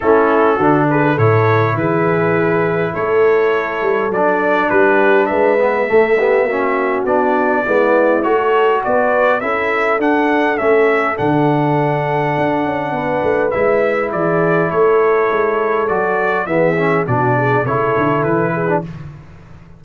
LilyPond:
<<
  \new Staff \with { instrumentName = "trumpet" } { \time 4/4 \tempo 4 = 102 a'4. b'8 cis''4 b'4~ | b'4 cis''2 d''4 | b'4 e''2. | d''2 cis''4 d''4 |
e''4 fis''4 e''4 fis''4~ | fis''2. e''4 | d''4 cis''2 d''4 | e''4 d''4 cis''4 b'4 | }
  \new Staff \with { instrumentName = "horn" } { \time 4/4 e'4 fis'8 gis'8 a'4 gis'4~ | gis'4 a'2. | g'4 b'4 a'8 g'8 fis'4~ | fis'4 e'4~ e'16 a'8. b'4 |
a'1~ | a'2 b'2 | gis'4 a'2. | gis'4 fis'8 gis'8 a'4. gis'8 | }
  \new Staff \with { instrumentName = "trombone" } { \time 4/4 cis'4 d'4 e'2~ | e'2. d'4~ | d'4. b8 a8 b8 cis'4 | d'4 b4 fis'2 |
e'4 d'4 cis'4 d'4~ | d'2. e'4~ | e'2. fis'4 | b8 cis'8 d'4 e'4.~ e'16 d'16 | }
  \new Staff \with { instrumentName = "tuba" } { \time 4/4 a4 d4 a,4 e4~ | e4 a4. g8 fis4 | g4 gis4 a4 ais4 | b4 gis4 a4 b4 |
cis'4 d'4 a4 d4~ | d4 d'8 cis'8 b8 a8 gis4 | e4 a4 gis4 fis4 | e4 b,4 cis8 d8 e4 | }
>>